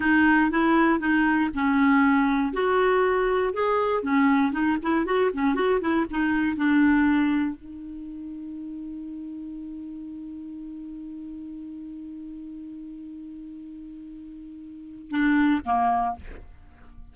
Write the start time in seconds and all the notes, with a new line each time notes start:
0.00 D#4
0.50 E4
0.99 D#4
1.54 C#4
2.53 F#4
3.53 G#4
4.02 C#4
4.52 D#4
4.82 E4
5.05 F#4
5.33 C#4
5.54 F#4
5.81 E4
6.10 D#4
6.56 D4
7.56 D#4
15.10 D4
15.65 A#3